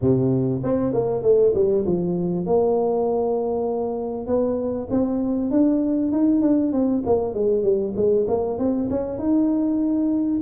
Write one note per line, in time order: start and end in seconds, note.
0.01 0.62 C3
0.63 0.93 C4
0.93 1.22 A#3
1.22 1.53 A3
1.54 1.85 G3
1.86 2.45 F3
2.45 4.26 A#3
4.26 4.88 B3
4.90 5.50 C4
5.50 6.11 D4
6.12 6.41 D#4
6.41 6.72 D4
6.72 7.03 C4
7.05 7.33 A#3
7.33 7.63 G#3
7.63 7.93 G3
7.96 8.26 G#3
8.27 8.58 A#3
8.58 8.89 C4
8.89 9.18 C#4
9.18 10.40 D#4